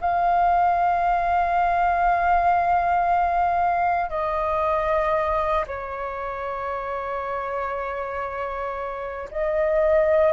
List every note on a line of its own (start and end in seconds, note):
0.00 4.10 F5
4.10 5.65 D#5
5.67 9.29 C#5
9.31 10.32 D#5